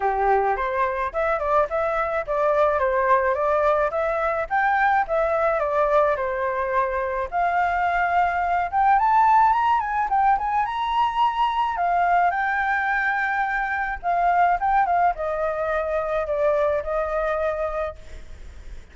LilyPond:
\new Staff \with { instrumentName = "flute" } { \time 4/4 \tempo 4 = 107 g'4 c''4 e''8 d''8 e''4 | d''4 c''4 d''4 e''4 | g''4 e''4 d''4 c''4~ | c''4 f''2~ f''8 g''8 |
a''4 ais''8 gis''8 g''8 gis''8 ais''4~ | ais''4 f''4 g''2~ | g''4 f''4 g''8 f''8 dis''4~ | dis''4 d''4 dis''2 | }